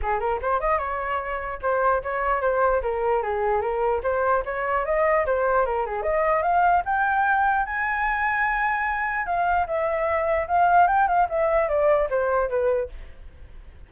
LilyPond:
\new Staff \with { instrumentName = "flute" } { \time 4/4 \tempo 4 = 149 gis'8 ais'8 c''8 dis''8 cis''2 | c''4 cis''4 c''4 ais'4 | gis'4 ais'4 c''4 cis''4 | dis''4 c''4 ais'8 gis'8 dis''4 |
f''4 g''2 gis''4~ | gis''2. f''4 | e''2 f''4 g''8 f''8 | e''4 d''4 c''4 b'4 | }